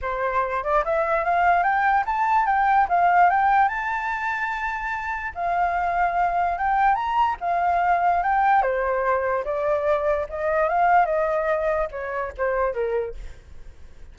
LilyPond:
\new Staff \with { instrumentName = "flute" } { \time 4/4 \tempo 4 = 146 c''4. d''8 e''4 f''4 | g''4 a''4 g''4 f''4 | g''4 a''2.~ | a''4 f''2. |
g''4 ais''4 f''2 | g''4 c''2 d''4~ | d''4 dis''4 f''4 dis''4~ | dis''4 cis''4 c''4 ais'4 | }